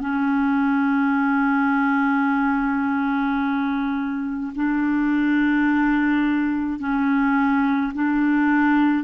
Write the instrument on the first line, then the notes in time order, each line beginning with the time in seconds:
clarinet
0.00 C#4
4.55 D4
6.79 C#4
7.94 D4